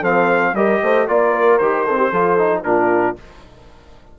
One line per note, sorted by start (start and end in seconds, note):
0.00 0.53 F3
0.00 0.55 C4
0.00 0.52 A4
0.00 0.56 F5
0.53 0.80 G3
0.53 1.08 G4
0.53 0.83 A#4
0.53 1.08 D#5
0.83 1.08 A3
0.83 1.09 C5
1.08 1.60 A#3
1.08 1.61 F4
1.08 1.58 D5
1.08 1.32 D5
1.32 1.84 A#4
1.58 2.12 D#3
1.58 1.88 G4
1.58 2.62 C5
1.86 2.13 C4
1.86 1.97 A4
1.97 2.10 G4
2.11 2.64 F3
2.11 2.38 F4
2.11 2.63 A4
2.38 2.64 D#4
2.64 3.16 A#2
2.64 3.16 D4
2.64 3.19 F4
2.64 3.16 A#4